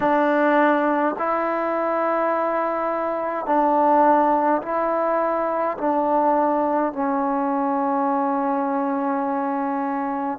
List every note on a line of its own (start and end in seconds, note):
0.00 1.15 D4
1.18 3.46 E4
3.46 4.61 D4
4.62 5.77 E4
5.77 6.92 D4
6.92 10.38 C#4